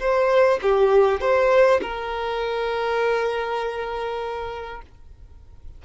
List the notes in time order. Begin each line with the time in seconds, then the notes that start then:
0.00 C5
0.62 G4
1.21 C5
1.82 A#4